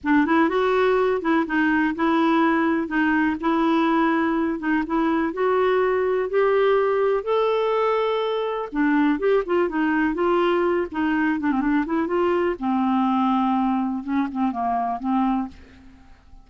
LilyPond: \new Staff \with { instrumentName = "clarinet" } { \time 4/4 \tempo 4 = 124 d'8 e'8 fis'4. e'8 dis'4 | e'2 dis'4 e'4~ | e'4. dis'8 e'4 fis'4~ | fis'4 g'2 a'4~ |
a'2 d'4 g'8 f'8 | dis'4 f'4. dis'4 d'16 c'16 | d'8 e'8 f'4 c'2~ | c'4 cis'8 c'8 ais4 c'4 | }